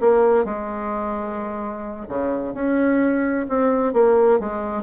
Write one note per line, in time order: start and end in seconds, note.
0.00 0.44 A#3
0.44 2.06 G#3
2.08 2.54 C#3
2.54 3.46 C#4
3.49 3.93 C4
3.93 4.39 A#3
4.39 4.83 G#3